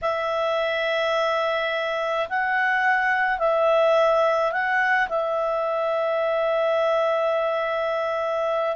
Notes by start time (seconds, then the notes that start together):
0.01 E5
2.29 F#5
3.38 E5
4.52 F#5
5.08 E5